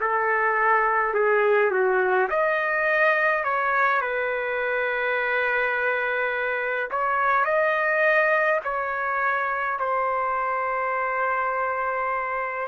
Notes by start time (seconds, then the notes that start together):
0.00 A4
1.13 G#4
1.70 F#4
2.29 D#5
3.44 C#5
4.01 B4
6.90 C#5
7.44 D#5
8.64 C#5
9.79 C5